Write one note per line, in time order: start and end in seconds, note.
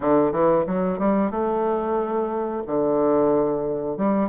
0.00 0.32 D3
0.32 0.65 E3
0.66 0.99 F#3
0.99 1.30 G3
1.30 2.62 A3
2.66 3.97 D3
3.97 4.29 G3